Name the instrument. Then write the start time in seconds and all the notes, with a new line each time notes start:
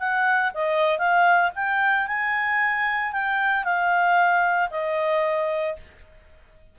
clarinet
0.00 F#5
0.54 D#5
0.99 F5
1.56 G5
2.08 G#5
3.13 G5
3.64 F5
4.71 D#5